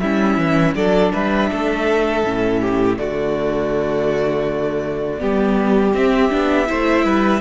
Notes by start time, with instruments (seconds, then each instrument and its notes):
0.00 cello G3, viola C#4, violin E4 E5
0.38 cello E3
0.75 cello F#3, viola D4, violin A4 D5
1.13 cello G3, violin B4 E5
1.51 cello A3, violin A4
2.24 cello A2, viola C#4
2.61 violin G4
2.98 cello D3, viola A3, violin F#4 D5
5.19 cello G3, viola B3, violin G4
5.94 cello C4, viola C4, violin E5
6.30 cello B3, viola D4
6.67 cello A3, viola E4, violin C5
7.05 cello G3, violin B4